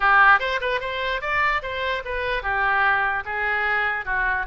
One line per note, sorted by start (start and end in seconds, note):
0.00 0.39 G4
0.39 0.60 C5
0.60 0.80 B4
0.80 1.21 C5
1.21 1.61 D5
1.62 2.03 C5
2.04 2.42 B4
2.42 3.23 G4
3.25 4.05 G#4
4.05 4.46 F#4